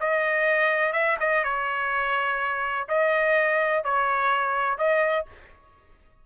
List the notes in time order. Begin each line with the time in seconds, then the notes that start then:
0.00 D#5
0.93 E5
1.20 D#5
1.44 C#5
2.88 D#5
3.84 C#5
4.78 D#5